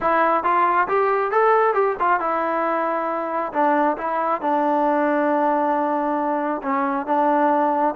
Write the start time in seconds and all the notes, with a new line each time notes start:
0.00 E4
0.43 F4
0.88 G4
1.31 A4
1.73 G4
1.99 F4
2.20 E4
3.52 D4
3.97 E4
4.41 D4
6.62 C#4
7.06 D4